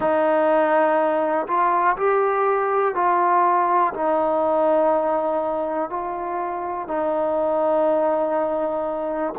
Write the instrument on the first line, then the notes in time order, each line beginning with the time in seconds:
trombone
0.00 D#4
1.47 F4
1.97 G4
2.95 F4
3.93 D#4
5.89 F4
6.87 D#4